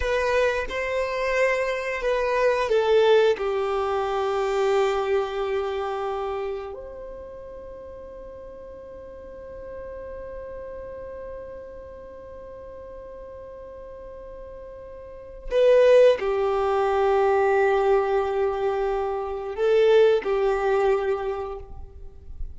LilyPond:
\new Staff \with { instrumentName = "violin" } { \time 4/4 \tempo 4 = 89 b'4 c''2 b'4 | a'4 g'2.~ | g'2 c''2~ | c''1~ |
c''1~ | c''2. b'4 | g'1~ | g'4 a'4 g'2 | }